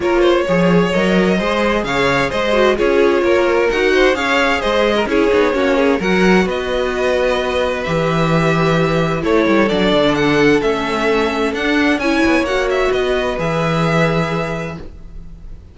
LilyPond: <<
  \new Staff \with { instrumentName = "violin" } { \time 4/4 \tempo 4 = 130 cis''2 dis''2 | f''4 dis''4 cis''2 | fis''4 f''4 dis''4 cis''4~ | cis''4 fis''4 dis''2~ |
dis''4 e''2. | cis''4 d''4 fis''4 e''4~ | e''4 fis''4 gis''4 fis''8 e''8 | dis''4 e''2. | }
  \new Staff \with { instrumentName = "violin" } { \time 4/4 ais'8 c''8 cis''2 c''4 | cis''4 c''4 gis'4 ais'4~ | ais'8 c''8 cis''4 c''8. ais'16 gis'4 | fis'8 gis'8 ais'4 b'2~ |
b'1 | a'1~ | a'2 cis''2 | b'1 | }
  \new Staff \with { instrumentName = "viola" } { \time 4/4 f'4 gis'4 ais'4 gis'4~ | gis'4. fis'8 f'2 | fis'4 gis'2 e'8 dis'8 | cis'4 fis'2.~ |
fis'4 g'2. | e'4 d'2 cis'4~ | cis'4 d'4 e'4 fis'4~ | fis'4 gis'2. | }
  \new Staff \with { instrumentName = "cello" } { \time 4/4 ais4 f4 fis4 gis4 | cis4 gis4 cis'4 ais4 | dis'4 cis'4 gis4 cis'8 b8 | ais4 fis4 b2~ |
b4 e2. | a8 g8 fis8 d4. a4~ | a4 d'4 cis'8 b8 ais4 | b4 e2. | }
>>